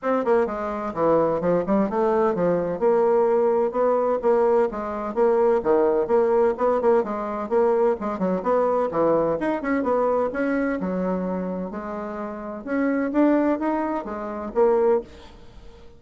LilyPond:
\new Staff \with { instrumentName = "bassoon" } { \time 4/4 \tempo 4 = 128 c'8 ais8 gis4 e4 f8 g8 | a4 f4 ais2 | b4 ais4 gis4 ais4 | dis4 ais4 b8 ais8 gis4 |
ais4 gis8 fis8 b4 e4 | dis'8 cis'8 b4 cis'4 fis4~ | fis4 gis2 cis'4 | d'4 dis'4 gis4 ais4 | }